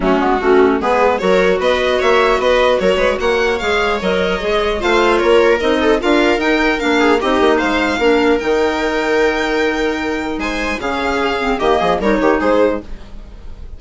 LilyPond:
<<
  \new Staff \with { instrumentName = "violin" } { \time 4/4 \tempo 4 = 150 fis'2 b'4 cis''4 | dis''4 e''4 dis''4 cis''4 | fis''4 f''4 dis''2 | f''4 cis''4 dis''4 f''4 |
g''4 f''4 dis''4 f''4~ | f''4 g''2.~ | g''2 gis''4 f''4~ | f''4 dis''4 cis''4 c''4 | }
  \new Staff \with { instrumentName = "viola" } { \time 4/4 cis'4 fis'4 gis'4 ais'4 | b'4 cis''4 b'4 ais'8 b'8 | cis''1 | c''4 ais'4. a'8 ais'4~ |
ais'4. gis'8 g'4 c''4 | ais'1~ | ais'2 c''4 gis'4~ | gis'4 g'8 gis'8 ais'8 g'8 gis'4 | }
  \new Staff \with { instrumentName = "clarinet" } { \time 4/4 a8 b8 cis'4 b4 fis'4~ | fis'1~ | fis'4 gis'4 ais'4 gis'4 | f'2 dis'4 f'4 |
dis'4 d'4 dis'2 | d'4 dis'2.~ | dis'2. cis'4~ | cis'8 c'8 ais4 dis'2 | }
  \new Staff \with { instrumentName = "bassoon" } { \time 4/4 fis8 gis8 a4 gis4 fis4 | b4 ais4 b4 fis8 gis8 | ais4 gis4 fis4 gis4 | a4 ais4 c'4 d'4 |
dis'4 ais4 c'8 ais8 gis4 | ais4 dis2.~ | dis2 gis4 cis4~ | cis4 dis8 f8 g8 dis8 gis4 | }
>>